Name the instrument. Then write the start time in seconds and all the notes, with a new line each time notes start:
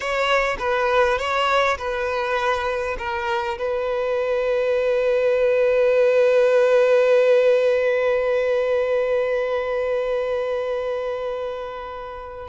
violin
0.00 C#5
0.58 B4
1.18 C#5
1.78 B4
2.98 A#4
3.58 B4